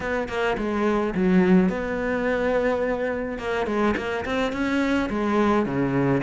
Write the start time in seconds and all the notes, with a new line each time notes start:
0.00 B3
0.28 A#3
0.57 G#3
1.14 F#3
1.69 B3
3.38 A#3
3.66 G#3
3.96 A#3
4.25 C4
4.52 C#4
5.09 G#3
5.65 C#3